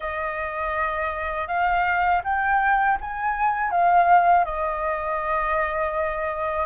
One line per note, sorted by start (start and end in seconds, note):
0.00 1.47 D#5
1.47 2.22 F5
2.24 2.98 G5
3.00 3.70 G#5
3.70 4.44 F5
4.44 6.65 D#5